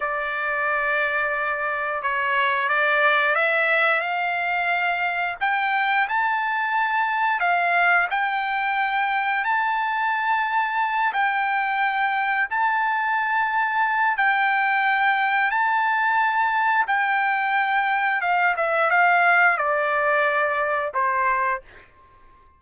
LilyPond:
\new Staff \with { instrumentName = "trumpet" } { \time 4/4 \tempo 4 = 89 d''2. cis''4 | d''4 e''4 f''2 | g''4 a''2 f''4 | g''2 a''2~ |
a''8 g''2 a''4.~ | a''4 g''2 a''4~ | a''4 g''2 f''8 e''8 | f''4 d''2 c''4 | }